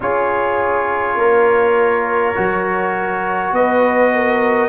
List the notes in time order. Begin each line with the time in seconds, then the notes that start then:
0.00 C#4 F4 G#4 C#5
1.15 A#3 A#4
2.34 F#3 F#4
3.52 B3 B4 D#5
4.13 A#4